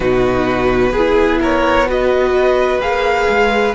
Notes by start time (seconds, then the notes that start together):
0.00 B2 D#4 F#4 B4
0.92 B3 E4 G#4
1.41 A#4 C#5
1.87 F#4 B4 D#5
2.80 A#3 G#4 F5
3.29 G#3